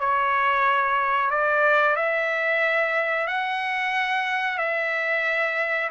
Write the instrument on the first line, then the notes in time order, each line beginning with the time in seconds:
trumpet
0.00 C#5
1.31 D5
1.97 E5
3.28 F#5
4.59 E5